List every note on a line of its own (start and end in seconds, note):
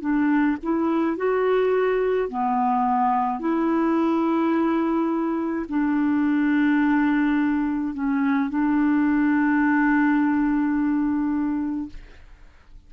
0.00 0.57 D4
0.63 1.16 E4
1.16 2.28 F#4
2.28 3.39 B3
3.39 5.66 E4
5.68 7.94 D4
7.94 8.50 C#4
8.50 11.89 D4